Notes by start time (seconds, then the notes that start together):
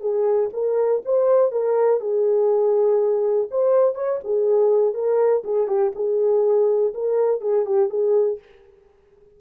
0.00 G#4
0.53 A#4
1.05 C5
1.51 A#4
2.00 G#4
3.50 C5
3.95 C#5
4.24 G#4
4.94 A#4
5.44 G#4
5.67 G4
5.95 G#4
6.94 A#4
7.41 G#4
7.65 G4
7.89 G#4